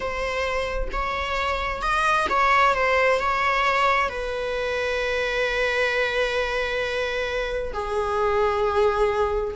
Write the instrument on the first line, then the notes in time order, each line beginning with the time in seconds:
viola
0.00 C5
0.92 C#5
1.82 D#5
2.29 C#5
2.74 C5
3.19 C#5
4.09 B4
7.73 G#4